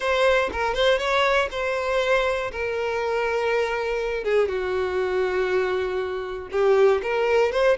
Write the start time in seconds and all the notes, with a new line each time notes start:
0.00 C5
0.52 A#4
0.74 C5
0.98 C#5
1.51 C5
2.51 A#4
4.24 G#4
4.48 F#4
6.51 G4
7.02 A#4
7.52 C5